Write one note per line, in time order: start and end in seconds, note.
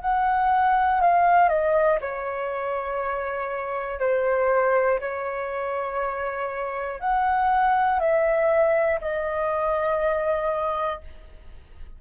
0.00 1.00 F#5
1.00 1.49 F5
1.49 1.99 D#5
2.00 3.99 C#5
3.99 4.99 C5
5.00 7.00 C#5
7.00 7.99 F#5
7.99 8.99 E5
9.00 11.00 D#5